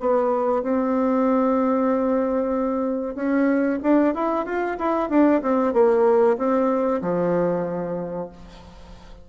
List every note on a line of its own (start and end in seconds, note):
0.00 0.63 B3
0.63 3.15 C4
3.15 3.79 C#4
3.83 4.14 D4
4.14 4.45 E4
4.45 4.77 F4
4.78 5.09 E4
5.09 5.41 D4
5.42 5.73 C4
5.73 6.37 A#3
6.37 7.01 C4
7.02 8.29 F3